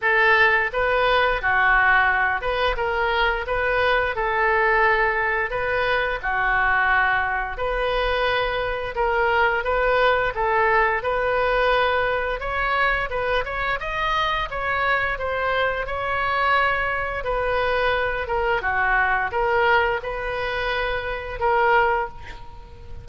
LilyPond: \new Staff \with { instrumentName = "oboe" } { \time 4/4 \tempo 4 = 87 a'4 b'4 fis'4. b'8 | ais'4 b'4 a'2 | b'4 fis'2 b'4~ | b'4 ais'4 b'4 a'4 |
b'2 cis''4 b'8 cis''8 | dis''4 cis''4 c''4 cis''4~ | cis''4 b'4. ais'8 fis'4 | ais'4 b'2 ais'4 | }